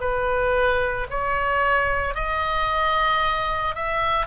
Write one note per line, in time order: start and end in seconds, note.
0.00 1.07 B4
1.10 2.14 C#5
2.14 3.75 D#5
3.75 4.26 E5